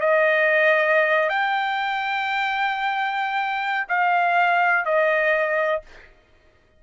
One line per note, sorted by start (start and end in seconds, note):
0.00 1.29 D#5
1.29 3.87 G5
3.88 4.85 F5
4.85 5.82 D#5